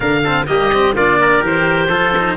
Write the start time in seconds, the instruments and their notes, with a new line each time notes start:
0.00 tuba D3, cello D4, trumpet A#4, oboe F5
0.23 cello C4, trumpet A4
0.47 tuba G3, cello A#3, trumpet G4, oboe D#5
0.73 cello C4
0.95 tuba A#3, cello D4, trumpet F4, oboe D5
1.21 trumpet A#4
1.40 tuba E3, cello G4, oboe C5
1.88 tuba F3, cello F4, trumpet A4
2.18 cello D#4